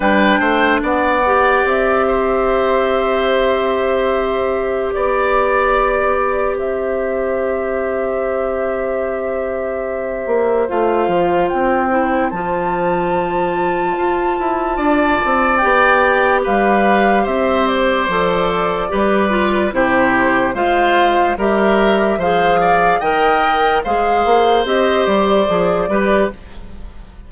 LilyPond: <<
  \new Staff \with { instrumentName = "flute" } { \time 4/4 \tempo 4 = 73 g''4 fis''4 e''2~ | e''2 d''2 | e''1~ | e''4 f''4 g''4 a''4~ |
a''2. g''4 | f''4 e''8 d''2~ d''8 | c''4 f''4 e''4 f''4 | g''4 f''4 dis''8 d''4. | }
  \new Staff \with { instrumentName = "oboe" } { \time 4/4 b'8 c''8 d''4. c''4.~ | c''2 d''2 | c''1~ | c''1~ |
c''2 d''2 | b'4 c''2 b'4 | g'4 c''4 ais'4 c''8 d''8 | dis''4 c''2~ c''8 b'8 | }
  \new Staff \with { instrumentName = "clarinet" } { \time 4/4 d'4. g'2~ g'8~ | g'1~ | g'1~ | g'4 f'4. e'8 f'4~ |
f'2. g'4~ | g'2 a'4 g'8 f'8 | e'4 f'4 g'4 gis'4 | ais'4 gis'4 g'4 gis'8 g'8 | }
  \new Staff \with { instrumentName = "bassoon" } { \time 4/4 g8 a8 b4 c'2~ | c'2 b2 | c'1~ | c'8 ais8 a8 f8 c'4 f4~ |
f4 f'8 e'8 d'8 c'8 b4 | g4 c'4 f4 g4 | c4 gis4 g4 f4 | dis4 gis8 ais8 c'8 g8 f8 g8 | }
>>